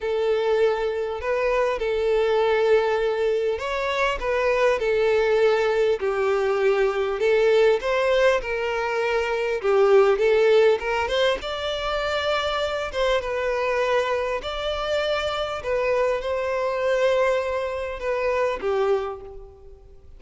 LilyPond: \new Staff \with { instrumentName = "violin" } { \time 4/4 \tempo 4 = 100 a'2 b'4 a'4~ | a'2 cis''4 b'4 | a'2 g'2 | a'4 c''4 ais'2 |
g'4 a'4 ais'8 c''8 d''4~ | d''4. c''8 b'2 | d''2 b'4 c''4~ | c''2 b'4 g'4 | }